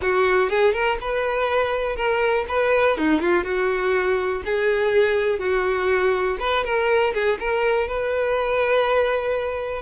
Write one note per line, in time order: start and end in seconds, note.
0.01 0.49 F#4
0.49 0.73 G#4
0.73 0.97 A#4
1.01 1.95 B4
1.95 2.45 A#4
2.48 2.97 B4
2.97 3.20 D#4
3.20 3.44 F4
3.44 4.42 F#4
4.45 5.39 G#4
5.39 6.37 F#4
6.39 6.64 B4
6.64 7.13 A#4
7.13 7.38 G#4
7.39 7.87 A#4
7.87 9.82 B4